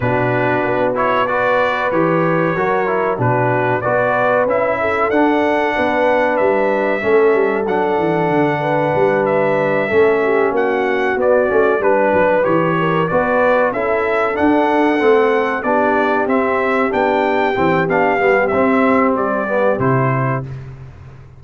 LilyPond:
<<
  \new Staff \with { instrumentName = "trumpet" } { \time 4/4 \tempo 4 = 94 b'4. cis''8 d''4 cis''4~ | cis''4 b'4 d''4 e''4 | fis''2 e''2 | fis''2~ fis''8 e''4.~ |
e''8 fis''4 d''4 b'4 cis''8~ | cis''8 d''4 e''4 fis''4.~ | fis''8 d''4 e''4 g''4. | f''4 e''4 d''4 c''4 | }
  \new Staff \with { instrumentName = "horn" } { \time 4/4 fis'2 b'2 | ais'4 fis'4 b'4. a'8~ | a'4 b'2 a'4~ | a'4. b'2 a'8 |
g'8 fis'2 b'4. | ais'8 b'4 a'2~ a'8~ | a'8 g'2.~ g'8~ | g'1 | }
  \new Staff \with { instrumentName = "trombone" } { \time 4/4 d'4. e'8 fis'4 g'4 | fis'8 e'8 d'4 fis'4 e'4 | d'2. cis'4 | d'2.~ d'8 cis'8~ |
cis'4. b8 cis'8 d'4 g'8~ | g'8 fis'4 e'4 d'4 c'8~ | c'8 d'4 c'4 d'4 c'8 | d'8 b8 c'4. b8 e'4 | }
  \new Staff \with { instrumentName = "tuba" } { \time 4/4 b,4 b2 e4 | fis4 b,4 b4 cis'4 | d'4 b4 g4 a8 g8 | fis8 e8 d4 g4. a8~ |
a8 ais4 b8 a8 g8 fis8 e8~ | e8 b4 cis'4 d'4 a8~ | a8 b4 c'4 b4 e8 | b8 g8 c'4 g4 c4 | }
>>